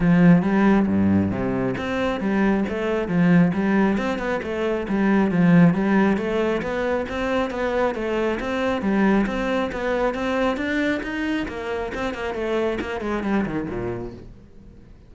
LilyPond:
\new Staff \with { instrumentName = "cello" } { \time 4/4 \tempo 4 = 136 f4 g4 g,4 c4 | c'4 g4 a4 f4 | g4 c'8 b8 a4 g4 | f4 g4 a4 b4 |
c'4 b4 a4 c'4 | g4 c'4 b4 c'4 | d'4 dis'4 ais4 c'8 ais8 | a4 ais8 gis8 g8 dis8 ais,4 | }